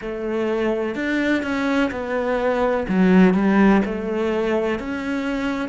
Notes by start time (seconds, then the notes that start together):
0.01 A3
0.95 D4
1.42 C#4
1.91 B3
2.88 F#3
3.34 G3
3.85 A3
4.79 C#4